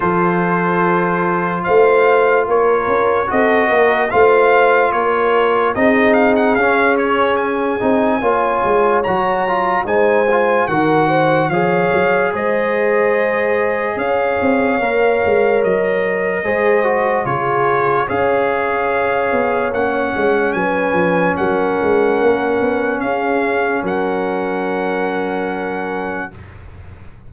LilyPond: <<
  \new Staff \with { instrumentName = "trumpet" } { \time 4/4 \tempo 4 = 73 c''2 f''4 cis''4 | dis''4 f''4 cis''4 dis''8 f''16 fis''16 | f''8 cis''8 gis''2 ais''4 | gis''4 fis''4 f''4 dis''4~ |
dis''4 f''2 dis''4~ | dis''4 cis''4 f''2 | fis''4 gis''4 fis''2 | f''4 fis''2. | }
  \new Staff \with { instrumentName = "horn" } { \time 4/4 a'2 c''4 ais'4 | a'8 ais'8 c''4 ais'4 gis'4~ | gis'2 cis''2 | c''4 ais'8 c''8 cis''4 c''4~ |
c''4 cis''2. | c''4 gis'4 cis''2~ | cis''4 b'4 ais'2 | gis'4 ais'2. | }
  \new Staff \with { instrumentName = "trombone" } { \time 4/4 f'1 | fis'4 f'2 dis'4 | cis'4. dis'8 f'4 fis'8 f'8 | dis'8 f'8 fis'4 gis'2~ |
gis'2 ais'2 | gis'8 fis'8 f'4 gis'2 | cis'1~ | cis'1 | }
  \new Staff \with { instrumentName = "tuba" } { \time 4/4 f2 a4 ais8 cis'8 | c'8 ais8 a4 ais4 c'4 | cis'4. c'8 ais8 gis8 fis4 | gis4 dis4 f8 fis8 gis4~ |
gis4 cis'8 c'8 ais8 gis8 fis4 | gis4 cis4 cis'4. b8 | ais8 gis8 fis8 f8 fis8 gis8 ais8 b8 | cis'4 fis2. | }
>>